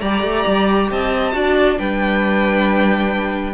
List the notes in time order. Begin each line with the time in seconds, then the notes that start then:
0.00 G3 G4 D5 A#5
0.22 A3
0.46 G3
0.90 C4 D#5 A5
1.32 D4 F#4 D5
1.76 G3 D4 B4 G5